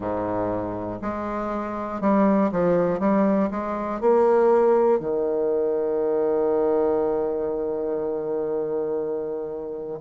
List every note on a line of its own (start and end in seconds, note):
0.00 1.00 G#2
1.01 2.00 G#3
2.00 2.50 G3
2.51 3.00 F3
3.00 3.50 G3
3.50 4.00 G#3
4.00 5.00 A#3
5.00 10.00 D#3